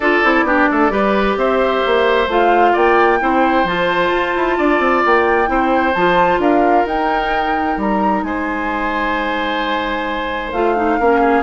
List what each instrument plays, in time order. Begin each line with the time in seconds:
0.00 bassoon D4, clarinet F4, oboe A4, flute D5
0.23 bassoon C4, clarinet E4
0.43 bassoon B3, clarinet D4, oboe G4
0.71 bassoon A3, oboe A4
0.90 bassoon G3, clarinet G4, oboe B4
1.36 bassoon C4, oboe C5, flute E5
1.86 bassoon A#3
2.27 bassoon A3, clarinet F4, flute F5
2.72 bassoon A#3, oboe D5, flute G5
3.19 bassoon C4, clarinet E4, oboe C5
3.64 bassoon F3, clarinet F4, flute A5
4.11 bassoon F4
4.36 bassoon E4
4.57 bassoon D4, oboe D5
4.79 bassoon C4
5.05 bassoon A#3, flute G5
5.46 bassoon C4, clarinet E4, oboe C5
5.93 bassoon F3, clarinet F4, flute A5
6.38 bassoon D4, oboe A#4, flute F5
6.85 bassoon D#4, clarinet D#4, flute G5
7.77 bassoon G3, flute A#5
8.23 bassoon G#3, oboe C5, flute G#5
10.52 bassoon A3, clarinet F4, flute F5
10.76 clarinet D#4
10.99 bassoon A#3, clarinet C#4, oboe A#4
11.20 oboe G#4